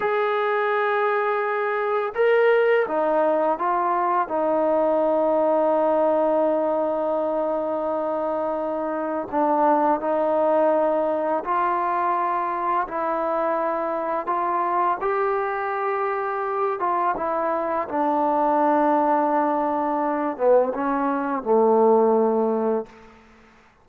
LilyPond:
\new Staff \with { instrumentName = "trombone" } { \time 4/4 \tempo 4 = 84 gis'2. ais'4 | dis'4 f'4 dis'2~ | dis'1~ | dis'4 d'4 dis'2 |
f'2 e'2 | f'4 g'2~ g'8 f'8 | e'4 d'2.~ | d'8 b8 cis'4 a2 | }